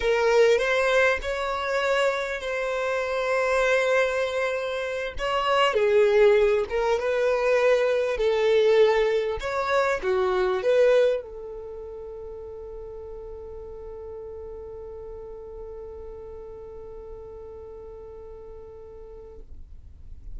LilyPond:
\new Staff \with { instrumentName = "violin" } { \time 4/4 \tempo 4 = 99 ais'4 c''4 cis''2 | c''1~ | c''8 cis''4 gis'4. ais'8 b'8~ | b'4. a'2 cis''8~ |
cis''8 fis'4 b'4 a'4.~ | a'1~ | a'1~ | a'1 | }